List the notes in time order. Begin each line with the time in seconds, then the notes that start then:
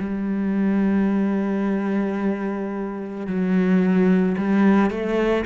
0.00 G3
3.27 F#3
4.38 G3
4.91 A3